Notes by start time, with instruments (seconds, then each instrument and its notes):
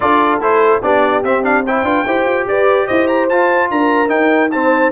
0.00 tuba D4, trombone F4, horn A4, trumpet D5
0.38 tuba A3, trombone E4, trumpet C5
0.82 tuba B3, trombone D4, horn G4, trumpet D5
1.23 tuba C4, trombone C4, trumpet E5
1.42 trombone D4, trumpet F5
1.65 trombone E4, horn C5, trumpet G5
1.83 tuba D4, trombone F4, horn B4
2.06 tuba E4, trombone G4, horn C5
2.25 tuba F4
2.46 tuba G4, horn B4, trumpet D5
2.86 tuba E4, horn C5, trumpet D#5
3.07 trumpet A#5
3.29 trombone F4, tuba F4, trumpet A5
3.70 tuba D4, horn A#4, trumpet A#5
4.07 trombone D#4, tuba D#4, trumpet G5
4.51 trombone C4, horn C5, trumpet A5